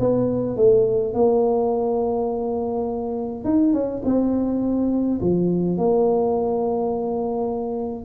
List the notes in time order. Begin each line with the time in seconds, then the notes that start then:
0.00 B3
0.57 A3
1.14 A#3
3.45 D#4
3.74 C#4
4.05 C4
5.21 F3
5.78 A#3